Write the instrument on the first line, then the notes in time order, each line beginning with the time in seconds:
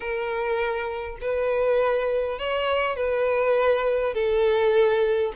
violin
0.00 A#4
1.20 B4
2.38 C#5
2.96 B4
4.14 A4